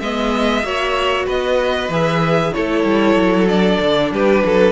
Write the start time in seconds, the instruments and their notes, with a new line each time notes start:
0.00 cello G#3, viola B3, violin D#5 E5
0.63 cello A#3, viola F#4, violin C#5
1.26 cello B3, violin B4 D#5
1.89 cello E3, viola G#4, violin E5
2.54 cello A3, viola E4, violin A4 C#5
2.84 cello G3
3.15 cello F#3
3.48 viola D4, violin D5
3.81 cello D3
4.12 cello G3, violin G4 B4
4.45 cello F#3, violin A4